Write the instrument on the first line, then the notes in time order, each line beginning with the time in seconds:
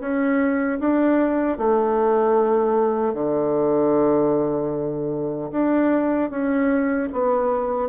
bassoon
0.00 C#4
0.80 D4
1.58 A3
3.14 D3
5.51 D4
6.30 C#4
7.12 B3